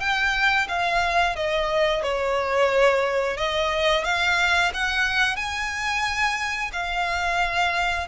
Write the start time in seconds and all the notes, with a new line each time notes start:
0.00 G5
0.68 F5
1.36 D#5
2.03 C#5
3.37 D#5
4.04 F5
4.74 F#5
5.36 G#5
6.73 F5